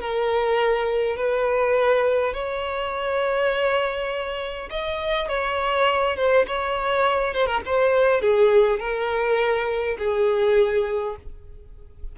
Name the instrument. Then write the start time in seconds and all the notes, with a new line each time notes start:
violin
0.00 A#4
1.16 B4
2.34 C#5
4.70 D#5
5.28 C#5
6.16 C5
6.47 C#5
7.34 C5
7.46 A#4
7.65 C5
8.21 G#4
8.79 A#4
9.98 G#4